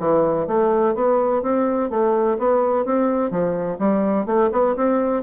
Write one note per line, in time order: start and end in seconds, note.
0.00 0.47 E3
0.47 0.95 A3
0.95 1.42 B3
1.43 1.90 C4
1.90 2.38 A3
2.39 2.85 B3
2.85 3.31 C4
3.31 3.79 F3
3.79 4.26 G3
4.26 4.50 A3
4.52 4.76 B3
4.76 5.23 C4